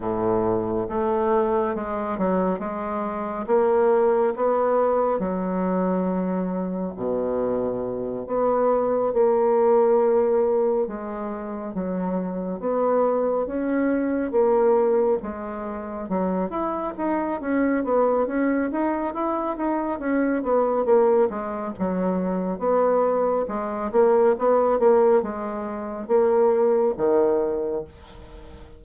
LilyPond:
\new Staff \with { instrumentName = "bassoon" } { \time 4/4 \tempo 4 = 69 a,4 a4 gis8 fis8 gis4 | ais4 b4 fis2 | b,4. b4 ais4.~ | ais8 gis4 fis4 b4 cis'8~ |
cis'8 ais4 gis4 fis8 e'8 dis'8 | cis'8 b8 cis'8 dis'8 e'8 dis'8 cis'8 b8 | ais8 gis8 fis4 b4 gis8 ais8 | b8 ais8 gis4 ais4 dis4 | }